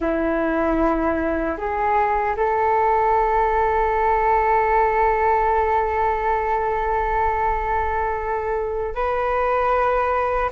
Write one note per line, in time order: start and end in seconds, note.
0.00 1.56 E4
1.57 2.35 G#4
2.36 8.94 A4
8.94 10.50 B4